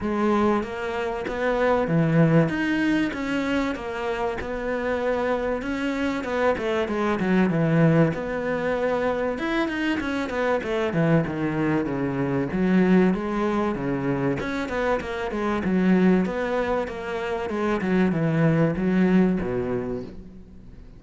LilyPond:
\new Staff \with { instrumentName = "cello" } { \time 4/4 \tempo 4 = 96 gis4 ais4 b4 e4 | dis'4 cis'4 ais4 b4~ | b4 cis'4 b8 a8 gis8 fis8 | e4 b2 e'8 dis'8 |
cis'8 b8 a8 e8 dis4 cis4 | fis4 gis4 cis4 cis'8 b8 | ais8 gis8 fis4 b4 ais4 | gis8 fis8 e4 fis4 b,4 | }